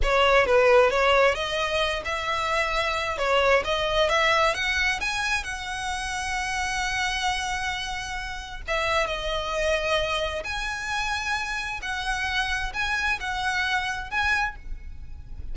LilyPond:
\new Staff \with { instrumentName = "violin" } { \time 4/4 \tempo 4 = 132 cis''4 b'4 cis''4 dis''4~ | dis''8 e''2~ e''8 cis''4 | dis''4 e''4 fis''4 gis''4 | fis''1~ |
fis''2. e''4 | dis''2. gis''4~ | gis''2 fis''2 | gis''4 fis''2 gis''4 | }